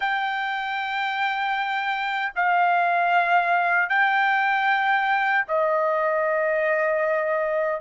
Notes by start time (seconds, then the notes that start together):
0.00 G5
2.35 F5
3.89 G5
5.48 D#5